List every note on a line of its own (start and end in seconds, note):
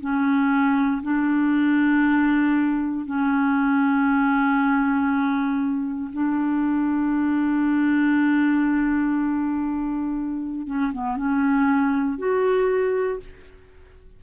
0.00 1.02 C#4
1.03 3.06 D4
3.06 6.11 C#4
6.12 10.67 D4
10.67 10.92 C#4
10.93 11.16 B3
11.16 12.18 C#4
12.18 13.20 F#4